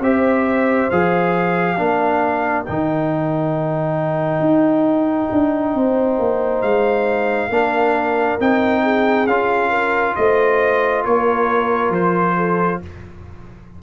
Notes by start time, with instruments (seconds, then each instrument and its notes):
0.00 tuba C4, trombone G4, horn C5, trumpet E5
0.90 tuba F3, trombone G#4, trumpet F5
1.77 tuba A#3, trombone D4, horn A#4
2.65 tuba D#3, trombone D#4, trumpet G5
4.40 tuba D#4
5.31 tuba D4
5.74 tuba C4, horn C5
6.18 tuba A#3
6.62 tuba G#3, trumpet F5
7.49 tuba A#3, trombone D4, horn A#4
8.40 tuba C4, trombone D#4, trumpet G5
8.83 horn G#4
9.26 tuba C#4, trombone F4, trumpet F5
9.69 horn A#4
10.15 tuba A3, horn C5, trumpet D#5
11.04 tuba A#3, horn A#4, trumpet C#5
11.89 tuba F3, trumpet C5
12.36 horn A4